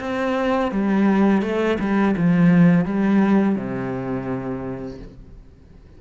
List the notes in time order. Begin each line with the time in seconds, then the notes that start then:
0.00 C4
0.71 G3
1.42 A3
1.80 G3
2.17 F3
2.85 G3
3.56 C3